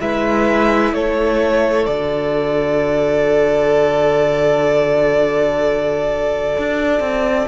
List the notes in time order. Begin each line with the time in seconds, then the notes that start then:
0.00 G#3 E4 B4 E5
0.93 A3 A4 C#5
1.86 D3 F#4 D5
6.58 D4
7.00 C4